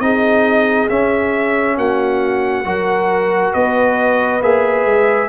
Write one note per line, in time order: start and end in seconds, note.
0.00 0.88 C4
0.00 0.89 D#4
0.00 1.78 G#4
0.00 0.89 D#5
0.89 1.78 C#4
0.89 2.65 C#4
0.89 1.78 E5
1.78 2.65 A#3
1.78 2.65 F#4
1.78 3.54 F#5
2.65 3.54 F#3
2.65 4.41 F#4
2.65 3.53 A#4
3.53 4.42 B3
3.53 5.29 B4
3.53 4.42 D#5
4.42 4.85 A#3
4.42 5.29 G#4
4.42 5.29 E5
4.85 5.29 G#3